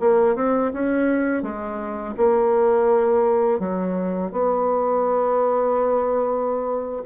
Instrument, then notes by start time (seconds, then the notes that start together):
bassoon
0.00 A#3
0.35 C4
0.73 C#4
1.43 G#3
2.17 A#3
3.59 F#3
4.32 B3